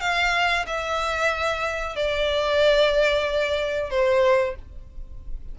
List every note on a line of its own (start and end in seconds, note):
0.00 0.65 F5
0.66 1.96 E5
1.96 3.90 D5
3.90 4.55 C5